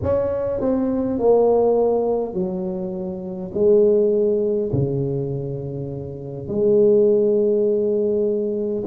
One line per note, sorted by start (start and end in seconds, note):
0.03 0.60 C#4
0.60 1.18 C4
1.18 2.33 A#3
2.33 3.51 F#3
3.53 4.71 G#3
4.72 6.48 C#3
6.48 8.83 G#3